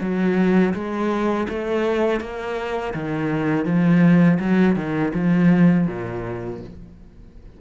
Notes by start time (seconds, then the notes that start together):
0.00 F#3
0.74 G#3
1.48 A3
2.20 A#3
2.94 D#3
3.65 F3
4.39 F#3
4.76 D#3
5.14 F3
5.87 A#2